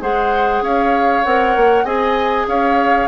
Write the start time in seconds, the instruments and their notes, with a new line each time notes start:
0.00 bassoon G#3, clarinet G#4, oboe C5, flute F#5
0.61 bassoon C#4, oboe C#5, flute F5
1.24 bassoon C4, clarinet A#4, flute F#5
1.56 bassoon A#3
1.84 bassoon C4, clarinet G#4, oboe D#5, flute G#5
2.47 bassoon C#4, oboe C#5, flute F5